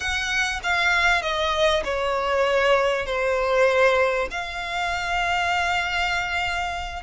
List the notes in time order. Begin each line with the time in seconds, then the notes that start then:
0.00 F#5
0.63 F5
1.22 D#5
1.84 C#5
3.06 C5
4.31 F5